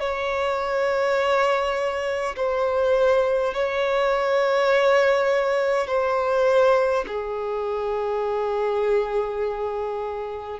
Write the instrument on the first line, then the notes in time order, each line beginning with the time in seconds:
violin
0.00 C#5
2.36 C5
3.53 C#5
5.87 C5
7.07 G#4